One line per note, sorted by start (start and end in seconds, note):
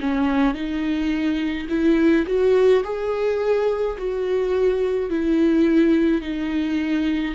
0.00 0.54 C#4
0.54 1.67 D#4
1.69 2.25 E4
2.26 2.83 F#4
2.84 3.97 G#4
3.98 5.09 F#4
5.09 6.21 E4
6.21 7.34 D#4